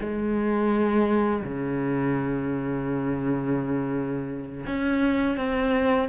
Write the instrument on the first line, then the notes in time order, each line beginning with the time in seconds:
cello
0.00 G#3
1.43 C#3
4.66 C#4
5.37 C4